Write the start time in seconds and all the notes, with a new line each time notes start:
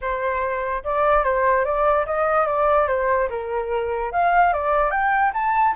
0.01 C5
0.84 D5
1.24 C5
1.64 D5
2.05 D#5
2.46 D5
2.87 C5
3.29 A#4
4.12 F5
4.53 D5
4.91 G5
5.33 A5